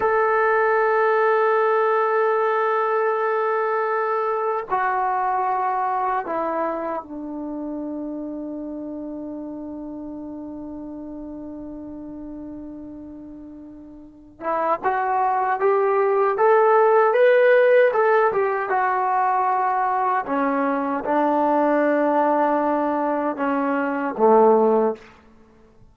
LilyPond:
\new Staff \with { instrumentName = "trombone" } { \time 4/4 \tempo 4 = 77 a'1~ | a'2 fis'2 | e'4 d'2.~ | d'1~ |
d'2~ d'8 e'8 fis'4 | g'4 a'4 b'4 a'8 g'8 | fis'2 cis'4 d'4~ | d'2 cis'4 a4 | }